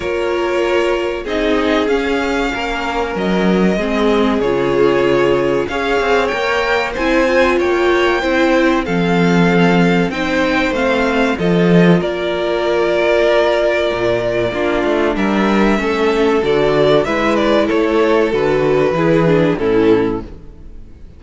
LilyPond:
<<
  \new Staff \with { instrumentName = "violin" } { \time 4/4 \tempo 4 = 95 cis''2 dis''4 f''4~ | f''4 dis''2 cis''4~ | cis''4 f''4 g''4 gis''4 | g''2 f''2 |
g''4 f''4 dis''4 d''4~ | d''1 | e''2 d''4 e''8 d''8 | cis''4 b'2 a'4 | }
  \new Staff \with { instrumentName = "violin" } { \time 4/4 ais'2 gis'2 | ais'2 gis'2~ | gis'4 cis''2 c''4 | cis''4 c''4 a'2 |
c''2 a'4 ais'4~ | ais'2. f'4 | ais'4 a'2 b'4 | a'2 gis'4 e'4 | }
  \new Staff \with { instrumentName = "viola" } { \time 4/4 f'2 dis'4 cis'4~ | cis'2 c'4 f'4~ | f'4 gis'4 ais'4 e'8 f'8~ | f'4 e'4 c'2 |
dis'4 c'4 f'2~ | f'2. d'4~ | d'4 cis'4 fis'4 e'4~ | e'4 fis'4 e'8 d'8 cis'4 | }
  \new Staff \with { instrumentName = "cello" } { \time 4/4 ais2 c'4 cis'4 | ais4 fis4 gis4 cis4~ | cis4 cis'8 c'8 ais4 c'4 | ais4 c'4 f2 |
c'4 a4 f4 ais4~ | ais2 ais,4 ais8 a8 | g4 a4 d4 gis4 | a4 d4 e4 a,4 | }
>>